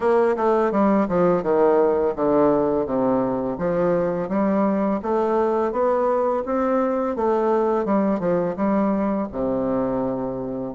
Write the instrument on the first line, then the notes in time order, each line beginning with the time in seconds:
bassoon
0.00 A#3
0.36 A3
0.71 G3
1.08 F3
1.43 D#3
2.15 D3
2.85 C3
3.57 F3
4.29 G3
5.02 A3
5.71 B3
6.45 C4
7.16 A3
7.85 G3
8.19 F3
8.56 G3
9.32 C3